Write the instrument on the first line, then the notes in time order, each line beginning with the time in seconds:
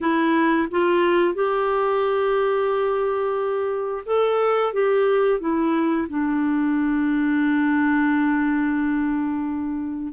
clarinet
0.01 E4
0.70 F4
1.34 G4
4.05 A4
4.73 G4
5.40 E4
6.09 D4